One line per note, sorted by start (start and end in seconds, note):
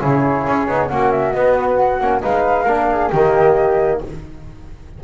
0.00 0.46 C#3
0.00 0.67 E4
0.00 0.89 G#4
0.00 0.89 C#5
0.47 0.68 C#4
0.68 0.90 B3
0.68 0.89 D#4
0.89 1.35 A#3
0.89 1.34 C#4
0.89 2.22 F#4
0.89 1.11 F#5
1.11 1.32 E5
1.32 2.00 B3
1.32 2.01 B3
1.32 1.55 D#5
1.59 1.76 B4
1.76 2.21 F#5
2.00 2.23 A#3
2.00 2.21 C#4
2.21 2.66 G#3
2.21 2.66 D#4
2.21 2.63 B4
2.21 3.11 F5
2.63 3.10 A#3
2.63 3.12 D4
2.63 2.85 A#4
2.91 3.11 G#4
3.11 4.01 D#3
3.11 4.04 A#3
3.11 4.00 G4
3.11 4.00 D#5